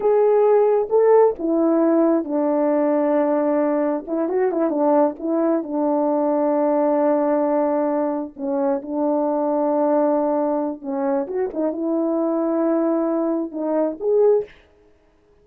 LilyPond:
\new Staff \with { instrumentName = "horn" } { \time 4/4 \tempo 4 = 133 gis'2 a'4 e'4~ | e'4 d'2.~ | d'4 e'8 fis'8 e'8 d'4 e'8~ | e'8 d'2.~ d'8~ |
d'2~ d'8 cis'4 d'8~ | d'1 | cis'4 fis'8 dis'8 e'2~ | e'2 dis'4 gis'4 | }